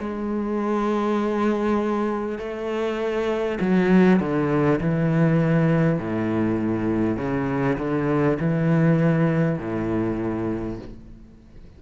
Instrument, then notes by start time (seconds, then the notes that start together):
cello
0.00 G#3
2.39 A3
3.61 F#3
4.20 D3
4.81 E3
5.98 A2
7.17 C#3
7.78 D3
8.39 E3
9.59 A2